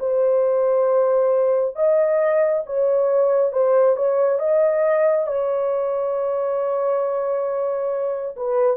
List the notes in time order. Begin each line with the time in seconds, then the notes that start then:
0.00 C5
1.76 D#5
2.66 C#5
3.53 C5
3.97 C#5
4.40 D#5
5.27 C#5
8.37 B4